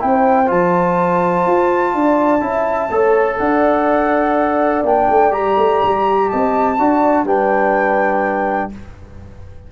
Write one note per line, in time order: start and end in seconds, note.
0.00 0.51 C4
0.00 0.46 E4
0.00 1.96 C5
0.00 0.50 G5
0.46 1.47 F3
0.46 2.40 F4
0.46 3.38 A5
1.47 1.95 F4
1.95 2.41 D4
1.95 2.46 D5
2.41 2.90 C#4
2.41 2.89 E4
2.41 2.93 E5
2.91 3.39 A3
2.91 4.85 A4
2.91 3.40 C#5
3.38 4.84 D4
3.38 6.29 D5
3.38 4.83 F#5
4.84 5.08 A#3
4.84 5.31 D4
4.84 5.33 G5
5.10 5.33 A3
5.31 5.57 G3
5.31 6.77 G4
5.31 6.29 A#5
5.58 5.82 A3
5.83 6.32 G3
6.29 6.79 C4
6.29 6.78 D#5
6.29 7.26 A5
6.79 7.25 D4
6.79 7.27 F#4
6.79 7.26 D5
7.25 8.70 G3
7.25 8.72 D4
7.25 8.71 B4
7.25 8.72 G5